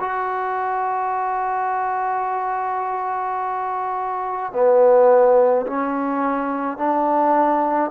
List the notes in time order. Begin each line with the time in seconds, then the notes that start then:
0.00 F#4
4.53 B3
5.67 C#4
6.78 D4